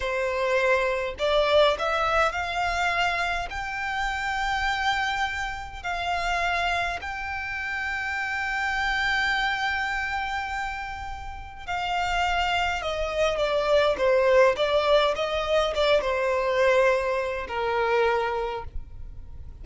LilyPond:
\new Staff \with { instrumentName = "violin" } { \time 4/4 \tempo 4 = 103 c''2 d''4 e''4 | f''2 g''2~ | g''2 f''2 | g''1~ |
g''1 | f''2 dis''4 d''4 | c''4 d''4 dis''4 d''8 c''8~ | c''2 ais'2 | }